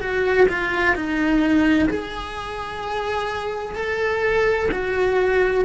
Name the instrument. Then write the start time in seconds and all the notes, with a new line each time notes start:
cello
0.00 F#4
0.49 F4
0.95 D#4
1.89 G#4
3.75 A4
4.71 F#4